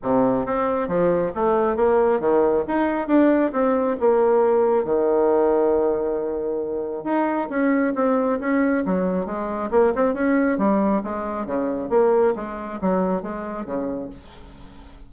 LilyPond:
\new Staff \with { instrumentName = "bassoon" } { \time 4/4 \tempo 4 = 136 c4 c'4 f4 a4 | ais4 dis4 dis'4 d'4 | c'4 ais2 dis4~ | dis1 |
dis'4 cis'4 c'4 cis'4 | fis4 gis4 ais8 c'8 cis'4 | g4 gis4 cis4 ais4 | gis4 fis4 gis4 cis4 | }